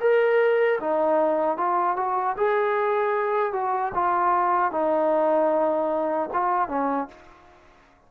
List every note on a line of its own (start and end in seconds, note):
0.00 0.79 A#4
0.80 1.57 D#4
1.57 1.96 F4
1.96 2.35 F#4
2.36 3.53 G#4
3.53 3.92 F#4
3.94 4.71 F4
4.71 6.29 D#4
6.33 6.68 F4
6.68 7.08 C#4